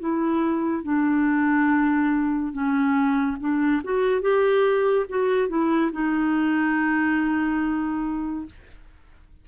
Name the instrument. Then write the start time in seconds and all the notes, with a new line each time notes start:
clarinet
0.00 E4
0.84 D4
2.53 C#4
3.40 D4
3.84 F#4
4.21 G4
5.09 F#4
5.49 E4
5.92 D#4